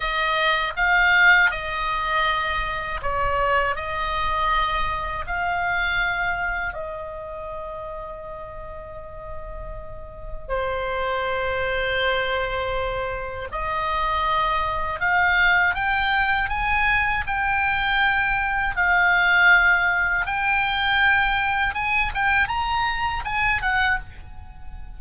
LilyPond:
\new Staff \with { instrumentName = "oboe" } { \time 4/4 \tempo 4 = 80 dis''4 f''4 dis''2 | cis''4 dis''2 f''4~ | f''4 dis''2.~ | dis''2 c''2~ |
c''2 dis''2 | f''4 g''4 gis''4 g''4~ | g''4 f''2 g''4~ | g''4 gis''8 g''8 ais''4 gis''8 fis''8 | }